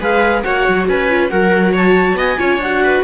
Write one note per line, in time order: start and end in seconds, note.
0.00 0.43 G#3
0.00 0.44 G#4
0.00 0.43 B4
0.00 0.43 F5
0.43 0.68 A#3
0.43 1.09 F#4
0.43 0.88 C#5
0.43 0.87 F#5
0.68 0.88 F#3
0.87 1.32 C#4
0.87 1.31 B4
0.87 1.30 G#5
1.10 1.30 F4
1.30 2.14 F#3
1.30 2.37 F#4
1.30 1.73 A#4
1.30 1.73 F#5
1.73 2.17 C#5
1.73 2.19 A5
2.14 2.36 B3
2.14 2.39 D#5
2.14 2.62 G#5
2.37 2.57 C#4
2.37 2.59 F4
2.37 2.82 C#5
2.57 3.00 D4
2.57 3.04 F#5
2.65 3.04 F#4
2.83 3.04 B4